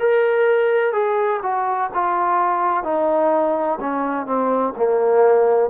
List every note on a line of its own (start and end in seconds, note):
0.00 0.93 A#4
0.93 1.41 G#4
1.43 1.90 F#4
1.94 2.84 F4
2.84 3.79 D#4
3.81 4.26 C#4
4.26 4.74 C4
4.77 5.71 A#3